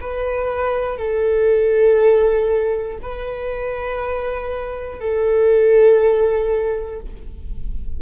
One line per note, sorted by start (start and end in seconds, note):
0.00 0.97 B4
0.97 2.97 A4
3.02 5.00 B4
5.00 7.00 A4